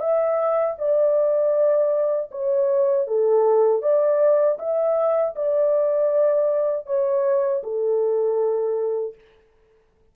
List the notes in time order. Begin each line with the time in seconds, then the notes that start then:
0.00 E5
0.79 D5
2.32 C#5
3.08 A4
3.83 D5
4.59 E5
5.36 D5
6.87 C#5
7.63 A4